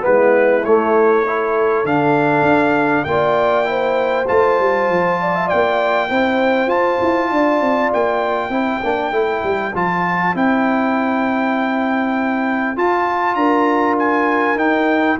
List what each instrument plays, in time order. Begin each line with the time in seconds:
0.00 tuba G#3, trombone B3, horn E4, trumpet B4
0.64 tuba A3, trombone A3, trumpet C#5
1.25 trombone E4, horn A4
1.84 tuba D3, trombone D4, trumpet F5
2.42 tuba D4
3.04 tuba A#3, trombone F4, horn D5, trumpet G5
3.64 trombone E4, horn C5
4.27 tuba A3, trombone F4, trumpet A5
4.59 tuba G3
4.89 tuba F3
5.21 horn D5
5.35 horn E5
5.46 horn D5, trumpet G5
5.53 tuba A#3
6.09 tuba C4, trombone E4, horn C5
6.67 tuba F4, trombone F4, trumpet A5
7.01 tuba E4
7.31 tuba D4, horn D5
7.61 tuba C4
7.93 tuba A#3, trumpet G5
8.49 tuba C4, trombone E4, horn C5
8.83 tuba A#3, trombone D4
9.11 tuba A3, trombone E4
9.43 tuba G3
9.74 tuba F3, trombone F4, trumpet A5
10.34 tuba C4, trombone E4, trumpet G5
12.76 trombone F4, tuba F4, trumpet A5
13.34 tuba D4, horn A#4, trumpet A#5
13.98 trumpet G#5
14.55 tuba D#4, trombone D#4, trumpet G5